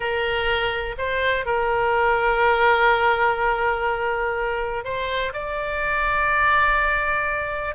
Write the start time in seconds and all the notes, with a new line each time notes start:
0.00 A#4
0.97 C5
1.45 A#4
4.84 C5
5.33 D5